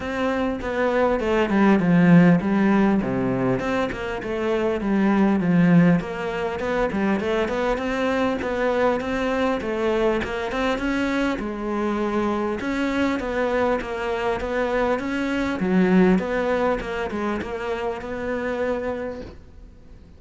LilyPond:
\new Staff \with { instrumentName = "cello" } { \time 4/4 \tempo 4 = 100 c'4 b4 a8 g8 f4 | g4 c4 c'8 ais8 a4 | g4 f4 ais4 b8 g8 | a8 b8 c'4 b4 c'4 |
a4 ais8 c'8 cis'4 gis4~ | gis4 cis'4 b4 ais4 | b4 cis'4 fis4 b4 | ais8 gis8 ais4 b2 | }